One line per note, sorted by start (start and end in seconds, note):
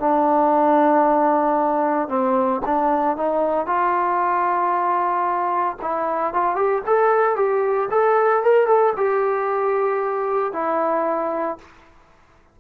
0.00 2.09 D4
2.09 2.61 C4
2.66 3.17 D4
3.17 3.67 D#4
3.67 5.77 F4
5.82 6.34 E4
6.34 6.56 F4
6.56 6.83 G4
6.87 7.37 A4
7.37 7.89 G4
7.91 8.44 A4
8.44 8.67 A#4
8.67 8.94 A4
8.97 10.53 G4
10.53 11.59 E4